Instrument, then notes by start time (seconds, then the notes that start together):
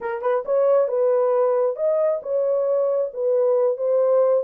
horn
0.00 A#4
0.21 B4
0.45 C#5
0.88 B4
1.76 D#5
2.22 C#5
3.13 B4
3.77 C5